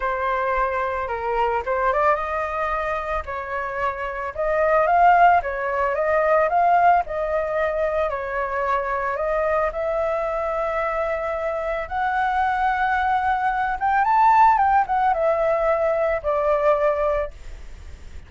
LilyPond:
\new Staff \with { instrumentName = "flute" } { \time 4/4 \tempo 4 = 111 c''2 ais'4 c''8 d''8 | dis''2 cis''2 | dis''4 f''4 cis''4 dis''4 | f''4 dis''2 cis''4~ |
cis''4 dis''4 e''2~ | e''2 fis''2~ | fis''4. g''8 a''4 g''8 fis''8 | e''2 d''2 | }